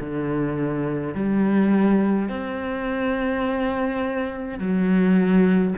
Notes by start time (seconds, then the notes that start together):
0.00 D3
1.14 G3
2.29 C4
4.59 F#3